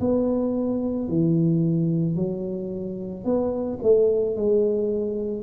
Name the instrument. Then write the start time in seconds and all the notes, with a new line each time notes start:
tuba
0.00 B3
1.09 E3
2.16 F#3
3.25 B3
3.83 A3
4.36 G#3